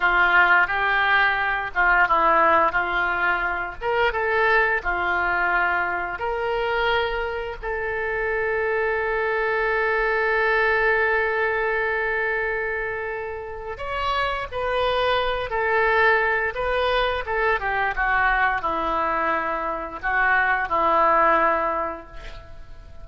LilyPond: \new Staff \with { instrumentName = "oboe" } { \time 4/4 \tempo 4 = 87 f'4 g'4. f'8 e'4 | f'4. ais'8 a'4 f'4~ | f'4 ais'2 a'4~ | a'1~ |
a'1 | cis''4 b'4. a'4. | b'4 a'8 g'8 fis'4 e'4~ | e'4 fis'4 e'2 | }